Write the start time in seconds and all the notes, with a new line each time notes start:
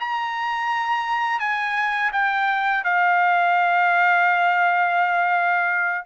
0.00 A#5
1.39 G#5
2.12 G5
2.84 F5